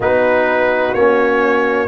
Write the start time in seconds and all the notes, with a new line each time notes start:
0.00 B3 D#4 F#4 B4
0.94 A#3 C#4 C#5